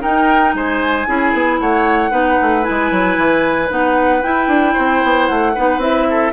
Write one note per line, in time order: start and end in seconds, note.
0.00 1.05 D#4
0.00 0.54 D#4
0.00 0.54 A#4
0.00 0.55 G5
0.54 1.07 G#3
0.54 1.08 C5
0.54 1.60 G#5
1.07 1.34 C#4
1.07 2.12 E4
1.07 1.61 G#4
1.34 1.60 B3
1.60 2.12 A3
1.60 2.11 C#5
1.60 2.64 F#5
2.11 2.38 B3
2.11 2.63 D#4
2.11 4.73 B4
2.42 2.68 A3
2.63 3.69 E4
2.63 3.69 G#5
2.70 2.91 G#3
2.91 3.18 F#3
3.18 3.71 E3
3.69 4.24 B3
3.69 4.22 D#4
3.69 4.23 F#5
4.23 5.55 E4
4.23 4.48 E4
4.23 5.27 G5
4.48 4.74 D4
4.73 5.04 C4
4.73 5.52 C5
5.04 5.30 B3
5.27 5.57 A3
5.27 5.80 F#5
5.55 5.79 B3
5.55 5.81 D#4
5.55 6.08 B4
5.79 6.31 C4
5.79 6.33 E4
5.79 6.33 E5
6.11 6.33 A4